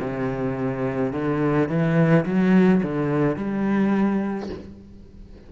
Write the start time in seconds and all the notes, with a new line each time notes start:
0.00 C3
1.12 D3
1.68 E3
2.25 F#3
2.83 D3
3.36 G3